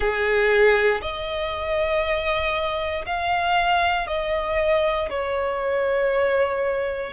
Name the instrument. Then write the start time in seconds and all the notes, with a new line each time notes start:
violin
0.00 G#4
1.01 D#5
3.06 F5
4.07 D#5
5.09 C#5